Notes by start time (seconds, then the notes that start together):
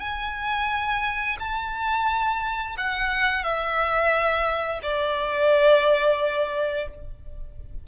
0.00 G#5
1.39 A5
2.77 F#5
3.43 E5
4.82 D5